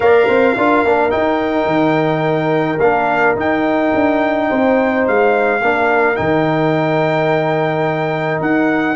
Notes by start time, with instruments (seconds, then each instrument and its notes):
0.00 tuba A#3, trombone A#4, horn D5, trumpet F5
0.28 tuba C4, horn C5
0.57 tuba D4, trombone F4, horn A#4
0.83 tuba A#3, trombone D4
1.09 trombone D#4, tuba D#4, trumpet G5
1.65 tuba D#3
2.79 tuba A#3, trombone D4, trumpet F5
3.35 tuba D#4, trombone D#4, trumpet G5
3.94 tuba D4
4.48 tuba C4, horn C5
5.07 tuba G#3, trumpet F5
5.61 tuba A#3, trombone D4, horn A#4
6.15 tuba D#3, trombone D#4, trumpet G5
8.40 tuba D#4, trumpet F#5